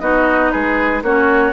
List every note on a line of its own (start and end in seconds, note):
0.00 0.52 B3
0.00 1.03 D#4
0.00 0.52 F#4
0.00 0.51 D#5
0.51 1.03 G#3
0.51 1.04 G#4
0.51 1.03 B4
1.03 1.53 A#3
1.03 1.53 C#4
1.03 1.53 F#4
1.03 1.53 C#5